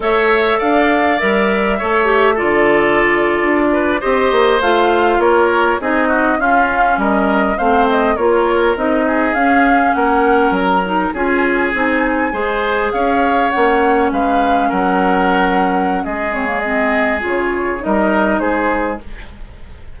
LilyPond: <<
  \new Staff \with { instrumentName = "flute" } { \time 4/4 \tempo 4 = 101 e''4 f''4 e''2 | d''2~ d''8. dis''4 f''16~ | f''8. cis''4 dis''4 f''4 dis''16~ | dis''8. f''8 dis''8 cis''4 dis''4 f''16~ |
f''8. fis''4 ais''4 gis''4~ gis''16~ | gis''4.~ gis''16 f''4 fis''4 f''16~ | f''8. fis''2~ fis''16 dis''8 cis''8 | dis''4 cis''4 dis''4 c''4 | }
  \new Staff \with { instrumentName = "oboe" } { \time 4/4 cis''4 d''2 cis''4 | a'2~ a'16 b'8 c''4~ c''16~ | c''8. ais'4 gis'8 fis'8 f'4 ais'16~ | ais'8. c''4 ais'4. gis'8.~ |
gis'8. ais'2 gis'4~ gis'16~ | gis'8. c''4 cis''2 b'16~ | b'8. ais'2~ ais'16 gis'4~ | gis'2 ais'4 gis'4 | }
  \new Staff \with { instrumentName = "clarinet" } { \time 4/4 a'2 ais'4 a'8 g'8 | f'2~ f'8. g'4 f'16~ | f'4.~ f'16 dis'4 cis'4~ cis'16~ | cis'8. c'4 f'4 dis'4 cis'16~ |
cis'2~ cis'16 dis'8 f'4 dis'16~ | dis'8. gis'2 cis'4~ cis'16~ | cis'2.~ cis'8 c'16 ais16 | c'4 f'4 dis'2 | }
  \new Staff \with { instrumentName = "bassoon" } { \time 4/4 a4 d'4 g4 a4 | d4.~ d16 d'4 c'8 ais8 a16~ | a8. ais4 c'4 cis'4 g16~ | g8. a4 ais4 c'4 cis'16~ |
cis'8. ais4 fis4 cis'4 c'16~ | c'8. gis4 cis'4 ais4 gis16~ | gis8. fis2~ fis16 gis4~ | gis4 cis4 g4 gis4 | }
>>